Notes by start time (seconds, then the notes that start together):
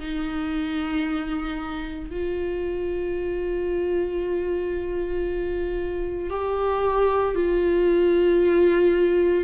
0.00 D#4
2.11 F4
6.31 G4
7.36 F4